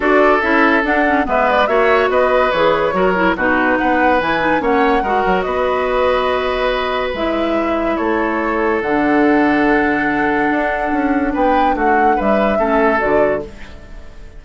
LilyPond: <<
  \new Staff \with { instrumentName = "flute" } { \time 4/4 \tempo 4 = 143 d''4 e''4 fis''4 e''8 d''8 | e''4 dis''4 cis''2 | b'4 fis''4 gis''4 fis''4~ | fis''4 dis''2.~ |
dis''4 e''2 cis''4~ | cis''4 fis''2.~ | fis''2. g''4 | fis''4 e''2 d''4 | }
  \new Staff \with { instrumentName = "oboe" } { \time 4/4 a'2. b'4 | cis''4 b'2 ais'4 | fis'4 b'2 cis''4 | ais'4 b'2.~ |
b'2. a'4~ | a'1~ | a'2. b'4 | fis'4 b'4 a'2 | }
  \new Staff \with { instrumentName = "clarinet" } { \time 4/4 fis'4 e'4 d'8 cis'8 b4 | fis'2 gis'4 fis'8 e'8 | dis'2 e'8 dis'8 cis'4 | fis'1~ |
fis'4 e'2.~ | e'4 d'2.~ | d'1~ | d'2 cis'4 fis'4 | }
  \new Staff \with { instrumentName = "bassoon" } { \time 4/4 d'4 cis'4 d'4 gis4 | ais4 b4 e4 fis4 | b,4 b4 e4 ais4 | gis8 fis8 b2.~ |
b4 gis2 a4~ | a4 d2.~ | d4 d'4 cis'4 b4 | a4 g4 a4 d4 | }
>>